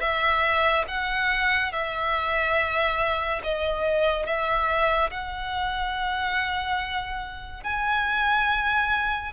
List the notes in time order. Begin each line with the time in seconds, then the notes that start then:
0.00 E5
0.88 F#5
1.72 E5
3.43 D#5
4.26 E5
5.10 F#5
7.63 G#5